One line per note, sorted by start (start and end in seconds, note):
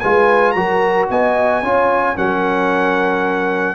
0.00 0.55 G#3
0.00 0.56 F4
0.00 0.55 B4
0.00 0.52 G#5
0.52 1.09 F#3
0.52 1.63 F#4
0.52 1.10 A#4
0.52 1.05 A#5
1.10 1.63 B3
1.10 1.62 D#5
1.10 2.17 G#5
1.62 2.17 C#4
1.62 2.16 F4
1.62 2.16 C#5
2.16 3.75 F#3
2.16 3.75 C#4
2.16 3.75 A#4
2.16 3.75 F#5